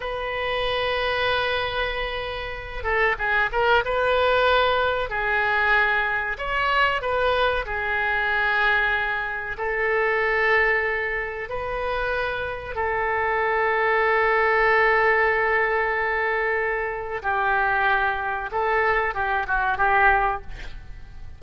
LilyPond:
\new Staff \with { instrumentName = "oboe" } { \time 4/4 \tempo 4 = 94 b'1~ | b'8 a'8 gis'8 ais'8 b'2 | gis'2 cis''4 b'4 | gis'2. a'4~ |
a'2 b'2 | a'1~ | a'2. g'4~ | g'4 a'4 g'8 fis'8 g'4 | }